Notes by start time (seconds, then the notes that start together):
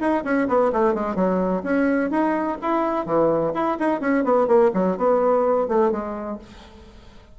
0.00 D#4
0.24 C#4
0.48 B3
0.72 A3
0.94 G#3
1.15 F#3
1.63 C#4
2.10 D#4
2.62 E4
3.06 E3
3.54 E4
3.79 D#4
4.01 C#4
4.24 B3
4.47 A#3
4.74 F#3
4.97 B3
5.68 A3
5.91 G#3